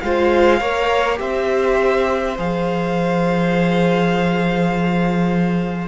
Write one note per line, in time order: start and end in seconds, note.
0.00 0.61 G#3
0.00 0.61 F4
0.00 0.59 C5
0.00 1.18 F5
0.59 1.20 A#3
0.59 1.15 A#4
0.59 1.18 C#5
1.15 2.37 C4
1.15 2.33 G4
1.15 5.88 C5
1.15 2.37 E5
2.37 5.88 F3
2.37 5.88 G#4
2.37 5.88 F5